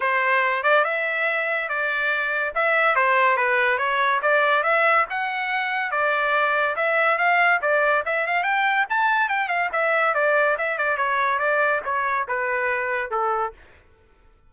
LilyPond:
\new Staff \with { instrumentName = "trumpet" } { \time 4/4 \tempo 4 = 142 c''4. d''8 e''2 | d''2 e''4 c''4 | b'4 cis''4 d''4 e''4 | fis''2 d''2 |
e''4 f''4 d''4 e''8 f''8 | g''4 a''4 g''8 f''8 e''4 | d''4 e''8 d''8 cis''4 d''4 | cis''4 b'2 a'4 | }